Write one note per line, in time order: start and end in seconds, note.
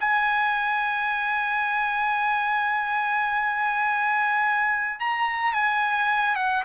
0.00 4.99 G#5
4.99 5.53 A#5
5.53 6.36 G#5
6.36 6.63 F#5